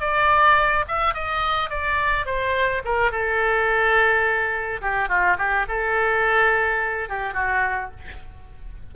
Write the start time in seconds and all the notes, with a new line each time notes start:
0.00 D5
0.88 E5
1.14 D#5
1.70 D5
2.26 C5
2.85 A#4
3.11 A4
4.81 G4
5.09 F4
5.38 G4
5.68 A4
7.09 G4
7.34 F#4